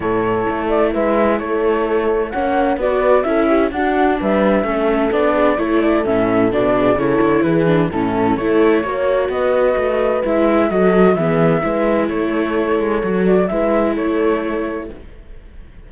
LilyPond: <<
  \new Staff \with { instrumentName = "flute" } { \time 4/4 \tempo 4 = 129 cis''4. d''8 e''4 cis''4~ | cis''4 fis''4 d''4 e''4 | fis''4 e''2 d''4 | cis''8 d''8 e''4 d''4 cis''4 |
b'4 a'4 cis''2 | dis''2 e''4 dis''4 | e''2 cis''2~ | cis''8 d''8 e''4 cis''2 | }
  \new Staff \with { instrumentName = "horn" } { \time 4/4 a'2 b'4 a'4~ | a'4 cis''4 b'4 a'8 g'8 | fis'4 b'4 a'4. gis'8 | a'2~ a'8 gis'8 a'4 |
gis'4 e'4 a'4 cis''4 | b'2. a'4 | gis'4 b'4 a'2~ | a'4 b'4 a'2 | }
  \new Staff \with { instrumentName = "viola" } { \time 4/4 e'1~ | e'4 cis'4 fis'4 e'4 | d'2 cis'4 d'4 | e'4 cis'4 d'4 e'4~ |
e'8 d'8 cis'4 e'4 fis'4~ | fis'2 e'4 fis'4 | b4 e'2. | fis'4 e'2. | }
  \new Staff \with { instrumentName = "cello" } { \time 4/4 a,4 a4 gis4 a4~ | a4 ais4 b4 cis'4 | d'4 g4 a4 b4 | a4 a,4 b,4 cis8 d8 |
e4 a,4 a4 ais4 | b4 a4 gis4 fis4 | e4 gis4 a4. gis8 | fis4 gis4 a2 | }
>>